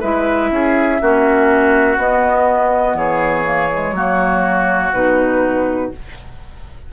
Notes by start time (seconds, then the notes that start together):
0.00 G#3 E4 B4 E5
0.51 C#4 G#4
1.01 A#3 C#4 F#4
1.97 B3 D#5
2.94 E3 G#4 C#5
3.45 A#3
3.72 G#3
3.92 F#3 A#3 F#4
4.93 B2 D#4 B4